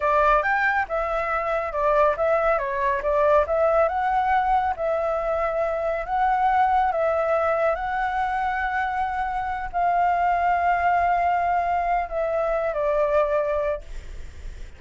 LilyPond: \new Staff \with { instrumentName = "flute" } { \time 4/4 \tempo 4 = 139 d''4 g''4 e''2 | d''4 e''4 cis''4 d''4 | e''4 fis''2 e''4~ | e''2 fis''2 |
e''2 fis''2~ | fis''2~ fis''8 f''4.~ | f''1 | e''4. d''2~ d''8 | }